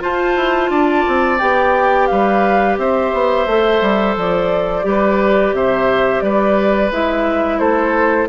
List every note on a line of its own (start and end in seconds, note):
0.00 1.38 F4
0.00 0.36 F4
0.00 0.71 C5
0.00 1.39 A5
0.36 0.70 E4
0.70 1.04 D4
0.70 2.09 D5
1.08 1.41 C4
1.39 2.10 B3
1.39 3.47 G4
1.39 2.07 G5
2.07 2.77 G3
2.07 2.79 B4
2.07 2.76 F5
2.77 3.12 C4
2.77 4.86 C5
2.77 4.16 E5
3.13 3.46 B3
3.46 3.80 A3
3.46 4.83 A4
3.81 4.16 G3
4.16 4.84 F3
4.16 5.55 D5
4.83 5.53 G3
4.83 6.90 G4
4.83 5.55 B4
5.53 6.22 C3
5.53 6.23 C5
5.53 6.21 E5
6.21 6.91 G3
6.21 7.59 B4
6.21 6.90 D5
6.91 7.59 G#3
6.91 8.29 E4
6.91 7.59 E5
7.59 8.28 A3
7.59 8.28 A4
7.59 8.28 C5